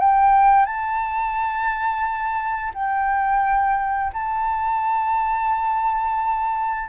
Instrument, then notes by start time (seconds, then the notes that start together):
flute
0.00 G5
0.66 A5
2.74 G5
4.13 A5